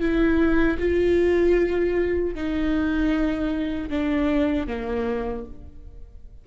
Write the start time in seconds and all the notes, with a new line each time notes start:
0.00 E4
0.79 F4
2.35 D#4
3.90 D4
4.68 A#3